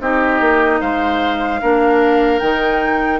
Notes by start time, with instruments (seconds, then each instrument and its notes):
0.00 bassoon C4, clarinet D#4, oboe G4, flute D#5
0.40 bassoon A#3
0.80 bassoon G#3, oboe C5, flute F5
1.61 bassoon A#3, clarinet D4, oboe A#4
2.38 bassoon D#3, clarinet D#4, flute G5